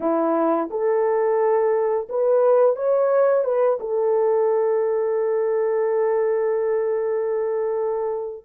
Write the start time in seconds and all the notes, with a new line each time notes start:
0.00 E4
0.70 A4
2.09 B4
2.76 C#5
3.44 B4
3.80 A4